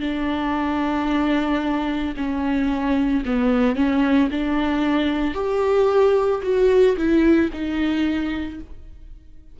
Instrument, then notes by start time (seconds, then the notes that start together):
viola
0.00 D4
2.16 C#4
3.25 B3
3.75 C#4
4.31 D4
5.34 G4
6.42 F#4
6.96 E4
7.52 D#4